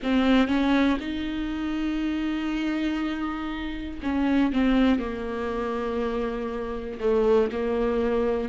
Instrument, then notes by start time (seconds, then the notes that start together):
viola
0.02 C4
0.47 C#4
1.00 D#4
4.02 C#4
4.52 C4
4.99 A#3
7.00 A3
7.52 A#3